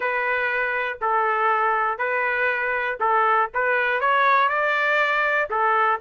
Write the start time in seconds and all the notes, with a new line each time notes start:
0.00 B4
1.01 A4
1.98 B4
3.00 A4
3.54 B4
4.00 C#5
4.48 D5
5.50 A4